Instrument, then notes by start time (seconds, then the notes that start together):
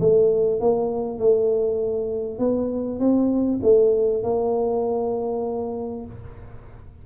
tuba
0.00 A3
0.60 A#3
1.19 A3
2.39 B3
2.99 C4
3.63 A3
4.23 A#3